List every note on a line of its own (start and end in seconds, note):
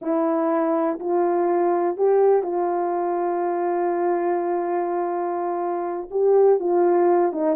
0.01 0.99 E4
0.99 1.96 F4
1.96 2.43 G4
2.43 6.08 F4
6.10 6.59 G4
6.59 7.32 F4
7.32 7.56 D#4